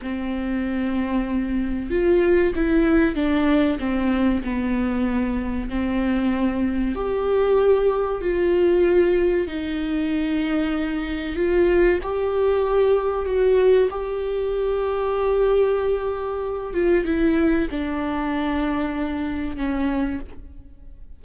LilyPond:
\new Staff \with { instrumentName = "viola" } { \time 4/4 \tempo 4 = 95 c'2. f'4 | e'4 d'4 c'4 b4~ | b4 c'2 g'4~ | g'4 f'2 dis'4~ |
dis'2 f'4 g'4~ | g'4 fis'4 g'2~ | g'2~ g'8 f'8 e'4 | d'2. cis'4 | }